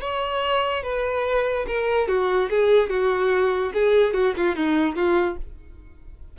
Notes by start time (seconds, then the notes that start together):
0.00 C#5
0.83 B4
1.67 A#4
2.07 F#4
2.50 G#4
2.89 F#4
3.73 G#4
4.13 F#4
4.36 F4
4.55 D#4
4.95 F4